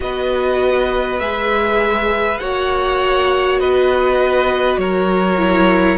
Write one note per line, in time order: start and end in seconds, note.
0.00 1.20 B3
0.00 1.20 F#4
0.00 2.40 B4
0.00 1.19 D#5
1.19 2.40 G#3
1.19 2.41 G#4
1.19 2.39 E5
2.39 3.60 A#3
2.39 5.38 F#4
2.39 3.59 C#5
2.39 3.58 F#5
3.59 4.77 B3
3.59 4.79 B4
3.59 4.78 D#5
4.77 5.97 F#3
4.77 5.98 A#4
4.77 5.98 C#5
5.38 5.98 E4